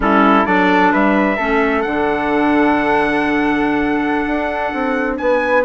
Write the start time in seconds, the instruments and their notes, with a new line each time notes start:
0.00 bassoon G3, clarinet C#4, flute E4, trumpet A4
0.45 bassoon F#3, clarinet D4, flute A4, trumpet D5
0.92 bassoon G3, flute B4, trumpet E5
1.36 bassoon A3, clarinet C#4, flute A4
1.81 bassoon D3, clarinet D4, trumpet F#5
4.26 bassoon D4
4.73 bassoon C4
5.16 bassoon B3, flute B4, trumpet G#5